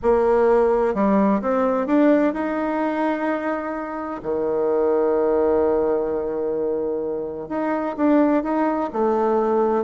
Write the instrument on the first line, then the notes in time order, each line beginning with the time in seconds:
bassoon
0.02 A#3
0.94 G3
1.41 C4
1.86 D4
2.33 D#4
4.23 D#3
7.48 D#4
7.96 D4
8.43 D#4
8.92 A3